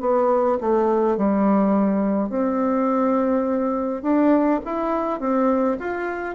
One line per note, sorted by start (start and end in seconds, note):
0.00 0.58 B3
0.61 1.17 A3
1.17 2.29 G3
2.29 4.02 C4
4.02 4.60 D4
4.65 5.20 E4
5.20 5.77 C4
5.79 6.35 F4